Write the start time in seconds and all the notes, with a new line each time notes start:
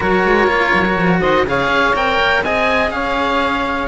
0.00 F#3 F#4 A#4 C#5
0.24 G#3
0.47 A#3 F4
0.74 F#3
0.85 F#4
0.96 F3
1.20 D#3 C5 D#5
1.44 C#3 G#4 C#5 F5
1.67 C#4
1.93 C4 A#4 G5
2.20 A#3
2.42 C4 G#4 D#5 G#5
2.90 C#4 C#5 F5